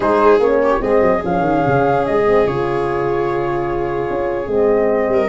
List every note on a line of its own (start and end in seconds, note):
0.00 0.39 G#3
0.00 0.40 D#4
0.00 0.60 G#4
0.00 0.39 C5
0.39 0.79 A#3
0.39 0.79 C#4
0.39 0.82 C#5
0.62 0.82 G4
0.79 1.01 G#3
0.79 1.20 C4
0.79 5.12 G#4
0.79 1.22 D#5
1.01 1.21 F#3
1.22 1.39 F3
1.22 2.24 C#4
1.22 2.06 F5
1.39 1.60 D#3
1.66 2.07 C#3
2.06 2.45 G#3
2.06 2.46 D#5
2.26 2.46 C4
2.45 4.09 C#3
2.45 4.48 F4
2.45 4.51 C#5
4.10 4.47 C#4
4.47 5.08 G#3
4.47 5.29 C4
4.47 5.29 D#5
5.08 5.28 G3
5.08 5.29 A#4